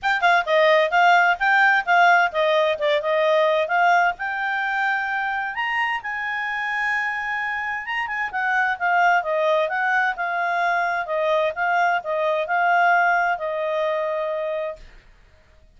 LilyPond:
\new Staff \with { instrumentName = "clarinet" } { \time 4/4 \tempo 4 = 130 g''8 f''8 dis''4 f''4 g''4 | f''4 dis''4 d''8 dis''4. | f''4 g''2. | ais''4 gis''2.~ |
gis''4 ais''8 gis''8 fis''4 f''4 | dis''4 fis''4 f''2 | dis''4 f''4 dis''4 f''4~ | f''4 dis''2. | }